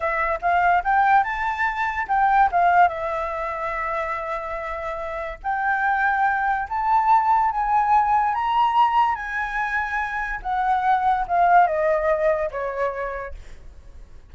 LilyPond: \new Staff \with { instrumentName = "flute" } { \time 4/4 \tempo 4 = 144 e''4 f''4 g''4 a''4~ | a''4 g''4 f''4 e''4~ | e''1~ | e''4 g''2. |
a''2 gis''2 | ais''2 gis''2~ | gis''4 fis''2 f''4 | dis''2 cis''2 | }